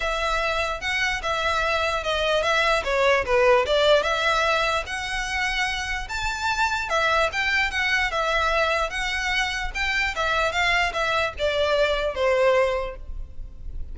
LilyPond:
\new Staff \with { instrumentName = "violin" } { \time 4/4 \tempo 4 = 148 e''2 fis''4 e''4~ | e''4 dis''4 e''4 cis''4 | b'4 d''4 e''2 | fis''2. a''4~ |
a''4 e''4 g''4 fis''4 | e''2 fis''2 | g''4 e''4 f''4 e''4 | d''2 c''2 | }